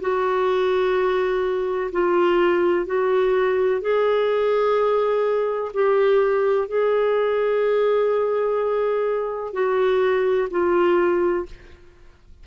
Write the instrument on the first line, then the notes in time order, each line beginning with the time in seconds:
clarinet
0.00 F#4
1.92 F4
2.86 F#4
3.81 G#4
5.73 G4
6.68 G#4
9.53 F#4
10.50 F4